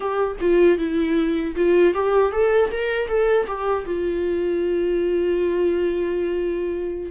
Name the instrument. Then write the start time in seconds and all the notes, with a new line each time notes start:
viola
0.00 G4
0.40 F4
0.78 E4
1.55 F4
1.93 G4
2.32 A4
2.71 A#4
3.08 A4
3.47 G4
3.85 F4